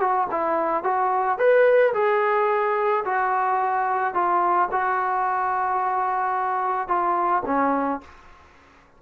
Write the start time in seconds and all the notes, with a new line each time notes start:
0.00 F#4
0.31 E4
0.84 F#4
1.38 B4
1.94 G#4
3.05 F#4
4.14 F4
4.72 F#4
6.88 F4
7.46 C#4